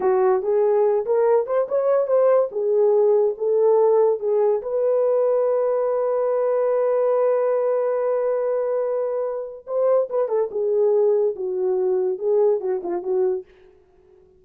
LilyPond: \new Staff \with { instrumentName = "horn" } { \time 4/4 \tempo 4 = 143 fis'4 gis'4. ais'4 c''8 | cis''4 c''4 gis'2 | a'2 gis'4 b'4~ | b'1~ |
b'1~ | b'2. c''4 | b'8 a'8 gis'2 fis'4~ | fis'4 gis'4 fis'8 f'8 fis'4 | }